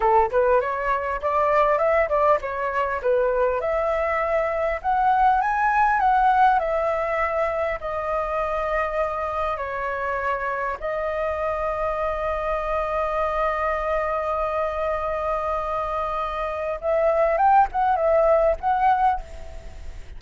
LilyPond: \new Staff \with { instrumentName = "flute" } { \time 4/4 \tempo 4 = 100 a'8 b'8 cis''4 d''4 e''8 d''8 | cis''4 b'4 e''2 | fis''4 gis''4 fis''4 e''4~ | e''4 dis''2. |
cis''2 dis''2~ | dis''1~ | dis''1 | e''4 g''8 fis''8 e''4 fis''4 | }